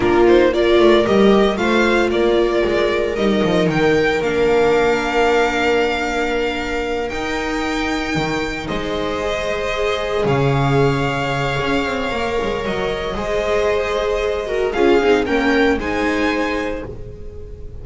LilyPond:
<<
  \new Staff \with { instrumentName = "violin" } { \time 4/4 \tempo 4 = 114 ais'8 c''8 d''4 dis''4 f''4 | d''2 dis''4 g''4 | f''1~ | f''4. g''2~ g''8~ |
g''8 dis''2. f''8~ | f''1 | dis''1 | f''4 g''4 gis''2 | }
  \new Staff \with { instrumentName = "viola" } { \time 4/4 f'4 ais'2 c''4 | ais'1~ | ais'1~ | ais'1~ |
ais'8 c''2. cis''8~ | cis''1~ | cis''4 c''2~ c''8 ais'8 | gis'4 ais'4 c''2 | }
  \new Staff \with { instrumentName = "viola" } { \time 4/4 d'8 dis'8 f'4 g'4 f'4~ | f'2 dis'2 | d'1~ | d'4. dis'2~ dis'8~ |
dis'4. gis'2~ gis'8~ | gis'2. ais'4~ | ais'4 gis'2~ gis'8 fis'8 | f'8 dis'8 cis'4 dis'2 | }
  \new Staff \with { instrumentName = "double bass" } { \time 4/4 ais4. a8 g4 a4 | ais4 gis4 g8 f8 dis4 | ais1~ | ais4. dis'2 dis8~ |
dis8 gis2. cis8~ | cis2 cis'8 c'8 ais8 gis8 | fis4 gis2. | cis'8 c'8 ais4 gis2 | }
>>